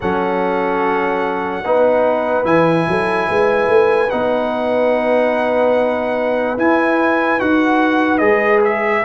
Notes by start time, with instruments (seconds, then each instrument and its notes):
0.00 tuba F#3, trombone C#4, horn A4, trumpet F#5
1.63 tuba B3, trombone D#4, horn B4
2.44 tuba E3, trombone E4, trumpet G#5
2.87 tuba F#3, horn A4
3.29 tuba G#3, horn B4
3.68 tuba A3
4.10 tuba B3, trombone D#4, trumpet F#5
6.57 tuba E4, trombone E4, trumpet G#5
7.39 tuba D#4, trombone F#4, trumpet F#5
8.17 tuba G#3, trombone G#4, trumpet D#5
8.64 trumpet E5